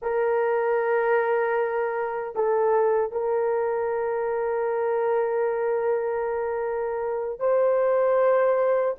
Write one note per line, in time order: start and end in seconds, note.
0.01 2.35 A#4
2.35 3.11 A4
3.11 7.39 A#4
7.39 8.95 C5